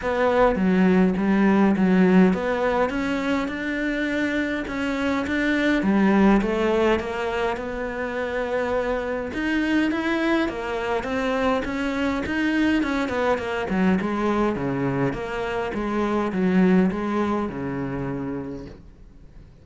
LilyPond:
\new Staff \with { instrumentName = "cello" } { \time 4/4 \tempo 4 = 103 b4 fis4 g4 fis4 | b4 cis'4 d'2 | cis'4 d'4 g4 a4 | ais4 b2. |
dis'4 e'4 ais4 c'4 | cis'4 dis'4 cis'8 b8 ais8 fis8 | gis4 cis4 ais4 gis4 | fis4 gis4 cis2 | }